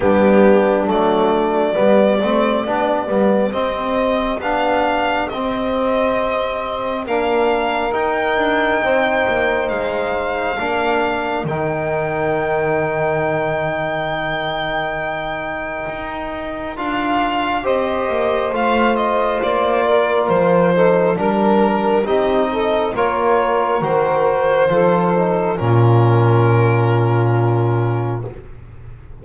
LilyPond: <<
  \new Staff \with { instrumentName = "violin" } { \time 4/4 \tempo 4 = 68 g'4 d''2. | dis''4 f''4 dis''2 | f''4 g''2 f''4~ | f''4 g''2.~ |
g''2. f''4 | dis''4 f''8 dis''8 d''4 c''4 | ais'4 dis''4 cis''4 c''4~ | c''4 ais'2. | }
  \new Staff \with { instrumentName = "saxophone" } { \time 4/4 d'2 g'2~ | g'1 | ais'2 c''2 | ais'1~ |
ais'1 | c''2~ c''8 ais'4 a'8 | ais'4 g'8 a'8 ais'2 | a'4 f'2. | }
  \new Staff \with { instrumentName = "trombone" } { \time 4/4 b4 a4 b8 c'8 d'8 b8 | c'4 d'4 c'2 | d'4 dis'2. | d'4 dis'2.~ |
dis'2. f'4 | g'4 f'2~ f'8 dis'8 | d'4 dis'4 f'4 fis'4 | f'8 dis'8 cis'2. | }
  \new Staff \with { instrumentName = "double bass" } { \time 4/4 g4 fis4 g8 a8 b8 g8 | c'4 b4 c'2 | ais4 dis'8 d'8 c'8 ais8 gis4 | ais4 dis2.~ |
dis2 dis'4 d'4 | c'8 ais8 a4 ais4 f4 | g4 c'4 ais4 dis4 | f4 ais,2. | }
>>